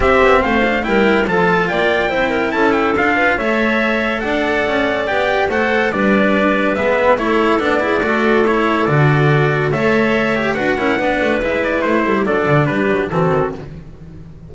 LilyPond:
<<
  \new Staff \with { instrumentName = "trumpet" } { \time 4/4 \tempo 4 = 142 e''4 f''4 g''4 a''4 | g''2 a''8 g''8 f''4 | e''2 fis''2 | g''4 fis''4 d''2 |
e''4 cis''4 d''2 | cis''4 d''2 e''4~ | e''4 fis''2 e''8 d''8 | c''4 d''4 b'4 a'4 | }
  \new Staff \with { instrumentName = "clarinet" } { \time 4/4 g'4 c''4 ais'4 a'4 | d''4 c''8 ais'8 a'4. b'8 | cis''2 d''2~ | d''4 c''4 b'2~ |
b'4 a'4. gis'8 a'4~ | a'2. cis''4~ | cis''4 b'8 ais'8 b'2~ | b'8 a'16 g'16 a'4 g'4 fis'4 | }
  \new Staff \with { instrumentName = "cello" } { \time 4/4 c'4. d'8 e'4 f'4~ | f'4 e'2 f'4 | a'1 | g'4 a'4 d'2 |
b4 e'4 d'8 e'8 fis'4 | e'4 fis'2 a'4~ | a'8 g'8 fis'8 e'8 d'4 e'4~ | e'4 d'2 c'4 | }
  \new Staff \with { instrumentName = "double bass" } { \time 4/4 c'8 b8 a4 g4 f4 | ais4 c'4 cis'4 d'4 | a2 d'4 cis'4 | b4 a4 g2 |
gis4 a4 b4 a4~ | a4 d2 a4~ | a4 d'8 cis'8 b8 a8 gis4 | a8 g8 fis8 d8 g8 fis8 e8 dis8 | }
>>